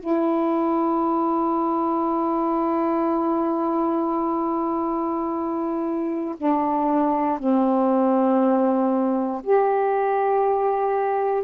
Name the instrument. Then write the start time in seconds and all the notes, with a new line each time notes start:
saxophone
0.00 E4
6.38 D4
7.39 C4
9.44 G4